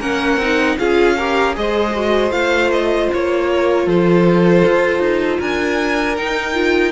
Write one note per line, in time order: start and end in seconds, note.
0.00 0.37 A#3
0.00 0.39 C#4
0.00 0.77 A#4
0.00 0.78 F#5
0.37 0.75 C4
0.37 0.79 D#4
0.79 1.57 C#4
0.79 1.18 F4
0.79 1.17 G#4
0.79 1.56 F5
1.17 1.55 G4
1.17 1.56 A#4
1.55 2.31 G#3
1.55 1.93 G#4
1.55 3.50 C5
1.55 2.32 D#5
1.96 2.31 F#4
2.31 3.08 A3
2.31 6.16 F4
2.31 2.71 F5
2.72 3.10 D#5
3.14 3.87 A#3
3.14 3.89 C#5
3.50 3.86 A#4
3.86 4.64 F3
3.86 5.39 A4
3.86 5.41 C5
4.66 4.99 F4
4.99 5.38 D#4
5.39 6.18 D4
5.39 6.92 A#4
5.39 6.17 G#5
6.17 6.54 D#4
6.17 6.92 D#4
6.17 6.92 G5
6.54 6.92 F4